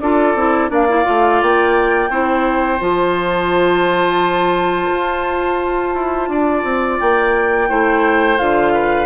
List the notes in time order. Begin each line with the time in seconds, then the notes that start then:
0.00 D4 F4 A4 D5
0.35 C4 E4
0.69 A#3 D4 D5 F5
0.89 E4
1.04 A3 F4
1.42 A#3 G5
2.10 C4 E4 C5
2.79 F3 F4 A5
4.91 F4
5.95 E4
6.29 D4 D5
6.64 C4
7.00 A#3 G5
7.68 A3 E4 C5
8.38 D3 F4 F5
8.73 B4